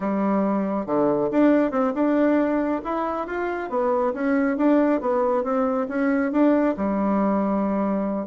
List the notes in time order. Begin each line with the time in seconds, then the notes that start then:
0.00 G3
0.86 D3
1.31 D4
1.71 C4
1.94 D4
2.84 E4
3.26 F4
3.69 B3
4.13 C#4
4.57 D4
5.01 B3
5.43 C4
5.88 C#4
6.32 D4
6.76 G3